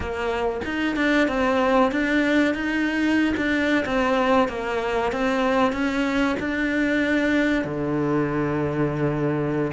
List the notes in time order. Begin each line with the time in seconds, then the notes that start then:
0.00 A#3
0.64 D#4
0.96 D4
1.28 C4
1.91 D4
2.54 D#4
3.37 D4
3.85 C4
4.48 A#3
5.12 C4
5.72 C#4
6.39 D4
7.64 D3